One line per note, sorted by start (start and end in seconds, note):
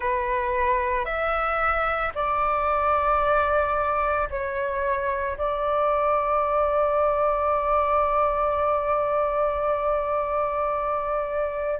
0.00 1.05 B4
1.05 2.12 E5
2.14 4.29 D5
4.30 5.37 C#5
5.37 11.79 D5